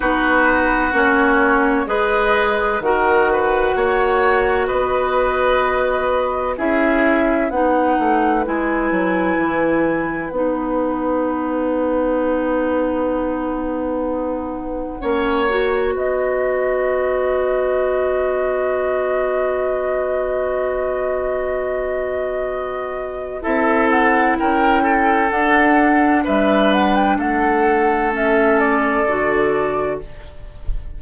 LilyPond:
<<
  \new Staff \with { instrumentName = "flute" } { \time 4/4 \tempo 4 = 64 b'4 cis''4 dis''4 fis''4~ | fis''4 dis''2 e''4 | fis''4 gis''2 fis''4~ | fis''1~ |
fis''4 dis''2.~ | dis''1~ | dis''4 e''8 fis''8 g''4 fis''4 | e''8 fis''16 g''16 fis''4 e''8 d''4. | }
  \new Staff \with { instrumentName = "oboe" } { \time 4/4 fis'2 b'4 ais'8 b'8 | cis''4 b'2 gis'4 | b'1~ | b'1 |
cis''4 b'2.~ | b'1~ | b'4 a'4 ais'8 a'4. | b'4 a'2. | }
  \new Staff \with { instrumentName = "clarinet" } { \time 4/4 dis'4 cis'4 gis'4 fis'4~ | fis'2. e'4 | dis'4 e'2 dis'4~ | dis'1 |
cis'8 fis'2.~ fis'8~ | fis'1~ | fis'4 e'2 d'4~ | d'2 cis'4 fis'4 | }
  \new Staff \with { instrumentName = "bassoon" } { \time 4/4 b4 ais4 gis4 dis4 | ais4 b2 cis'4 | b8 a8 gis8 fis8 e4 b4~ | b1 |
ais4 b2.~ | b1~ | b4 c'4 cis'4 d'4 | g4 a2 d4 | }
>>